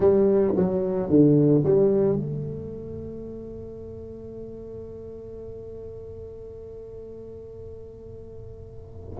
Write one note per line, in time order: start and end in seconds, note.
0.00 0.54 G3
0.56 1.09 F#3
1.09 1.63 D3
1.64 2.16 G3
2.16 9.19 A3